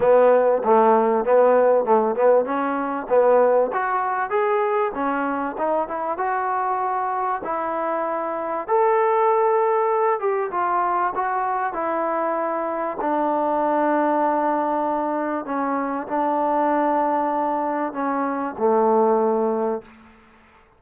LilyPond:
\new Staff \with { instrumentName = "trombone" } { \time 4/4 \tempo 4 = 97 b4 a4 b4 a8 b8 | cis'4 b4 fis'4 gis'4 | cis'4 dis'8 e'8 fis'2 | e'2 a'2~ |
a'8 g'8 f'4 fis'4 e'4~ | e'4 d'2.~ | d'4 cis'4 d'2~ | d'4 cis'4 a2 | }